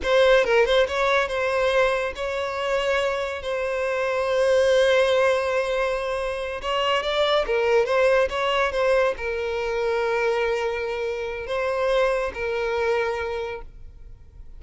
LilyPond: \new Staff \with { instrumentName = "violin" } { \time 4/4 \tempo 4 = 141 c''4 ais'8 c''8 cis''4 c''4~ | c''4 cis''2. | c''1~ | c''2.~ c''8 cis''8~ |
cis''8 d''4 ais'4 c''4 cis''8~ | cis''8 c''4 ais'2~ ais'8~ | ais'2. c''4~ | c''4 ais'2. | }